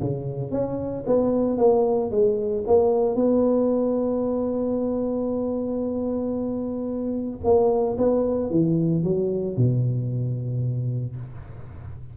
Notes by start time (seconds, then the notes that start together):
0.00 C#3
0.52 C#4
1.07 B3
1.58 A#3
2.11 G#3
2.67 A#3
3.15 B3
7.44 A#3
7.98 B3
8.51 E3
9.04 F#3
9.57 B2